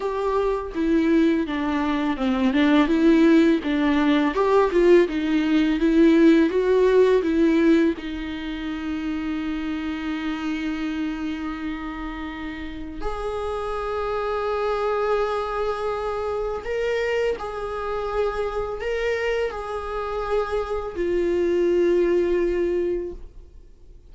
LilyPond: \new Staff \with { instrumentName = "viola" } { \time 4/4 \tempo 4 = 83 g'4 e'4 d'4 c'8 d'8 | e'4 d'4 g'8 f'8 dis'4 | e'4 fis'4 e'4 dis'4~ | dis'1~ |
dis'2 gis'2~ | gis'2. ais'4 | gis'2 ais'4 gis'4~ | gis'4 f'2. | }